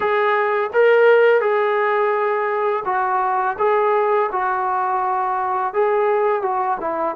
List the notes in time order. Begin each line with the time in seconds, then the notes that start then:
0.00 G#4
0.73 A#4
1.41 G#4
2.85 F#4
3.58 G#4
4.31 F#4
5.73 G#4
6.42 F#4
6.80 E4